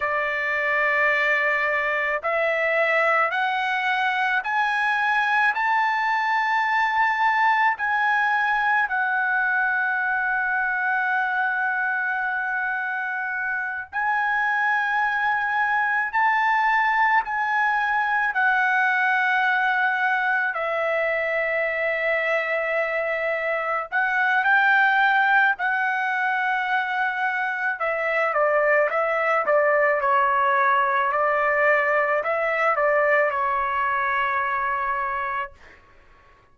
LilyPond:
\new Staff \with { instrumentName = "trumpet" } { \time 4/4 \tempo 4 = 54 d''2 e''4 fis''4 | gis''4 a''2 gis''4 | fis''1~ | fis''8 gis''2 a''4 gis''8~ |
gis''8 fis''2 e''4.~ | e''4. fis''8 g''4 fis''4~ | fis''4 e''8 d''8 e''8 d''8 cis''4 | d''4 e''8 d''8 cis''2 | }